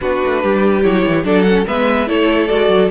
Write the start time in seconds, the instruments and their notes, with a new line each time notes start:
0.00 cello B3, viola D4, violin F#4 B4
0.24 cello A3
0.42 cello G3, violin G4
0.82 cello F#3, viola E4, violin C#5
1.06 cello E3
1.24 cello F#3, viola D4, violin A4 D5
1.42 viola C#4, violin F#5
1.66 cello G#3, viola B3, violin B4 E5
2.06 cello A3, viola E4, violin A4 C#5
2.47 cello G#3, viola F#4, violin D5
2.68 cello F#3